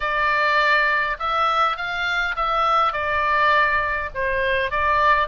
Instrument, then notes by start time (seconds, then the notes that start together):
oboe
0.00 D5
1.19 E5
1.76 F5
2.35 E5
2.93 D5
4.14 C5
4.70 D5